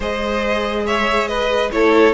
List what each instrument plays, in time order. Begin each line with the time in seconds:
0.00 cello G#3, viola G#4, violin C5 D#5
0.85 violin C#5 E5
1.27 violin B4 D#5
1.71 cello A3, viola E4, violin A4 C#5